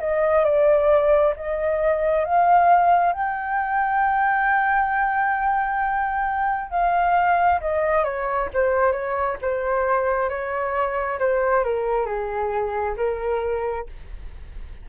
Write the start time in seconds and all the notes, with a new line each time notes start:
0.00 D#5
0.44 D5
1.36 D#5
2.25 F5
3.13 G5
6.70 F5
7.61 D#5
8.04 C#5
8.54 C5
8.92 C#5
9.42 C5
10.29 C#5
11.19 C5
11.64 A#4
12.06 G#4
12.97 A#4